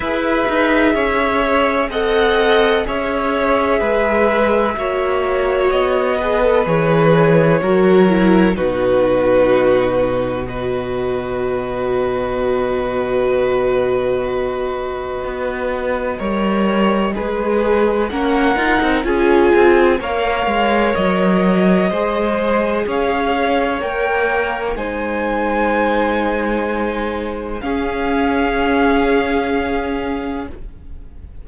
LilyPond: <<
  \new Staff \with { instrumentName = "violin" } { \time 4/4 \tempo 4 = 63 e''2 fis''4 e''4~ | e''2 dis''4 cis''4~ | cis''4 b'2 dis''4~ | dis''1~ |
dis''2. fis''4 | gis''4 f''4 dis''2 | f''4 g''4 gis''2~ | gis''4 f''2. | }
  \new Staff \with { instrumentName = "violin" } { \time 4/4 b'4 cis''4 dis''4 cis''4 | b'4 cis''4. b'4. | ais'4 fis'2 b'4~ | b'1~ |
b'4 cis''4 b'4 ais'4 | gis'4 cis''2 c''4 | cis''2 c''2~ | c''4 gis'2. | }
  \new Staff \with { instrumentName = "viola" } { \time 4/4 gis'2 a'4 gis'4~ | gis'4 fis'4. gis'16 a'16 gis'4 | fis'8 e'8 dis'2 fis'4~ | fis'1~ |
fis'4 ais'4 gis'4 cis'8 dis'8 | f'4 ais'2 gis'4~ | gis'4 ais'4 dis'2~ | dis'4 cis'2. | }
  \new Staff \with { instrumentName = "cello" } { \time 4/4 e'8 dis'8 cis'4 c'4 cis'4 | gis4 ais4 b4 e4 | fis4 b,2.~ | b,1 |
b4 g4 gis4 ais8 f'16 c'16 | cis'8 c'8 ais8 gis8 fis4 gis4 | cis'4 ais4 gis2~ | gis4 cis'2. | }
>>